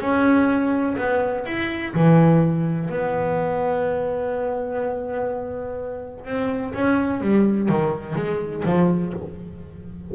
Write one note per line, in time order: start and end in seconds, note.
0.00 0.96 C#4
0.97 1.45 B3
1.45 1.93 E4
1.94 2.89 E3
2.89 6.25 B3
6.25 6.73 C4
6.73 7.20 C#4
7.20 7.68 G3
7.69 8.15 D#3
8.15 8.63 G#3
8.65 9.13 F3